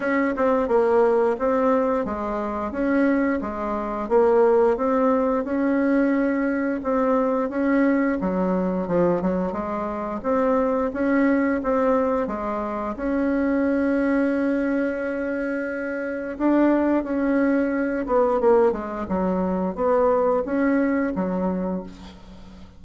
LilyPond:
\new Staff \with { instrumentName = "bassoon" } { \time 4/4 \tempo 4 = 88 cis'8 c'8 ais4 c'4 gis4 | cis'4 gis4 ais4 c'4 | cis'2 c'4 cis'4 | fis4 f8 fis8 gis4 c'4 |
cis'4 c'4 gis4 cis'4~ | cis'1 | d'4 cis'4. b8 ais8 gis8 | fis4 b4 cis'4 fis4 | }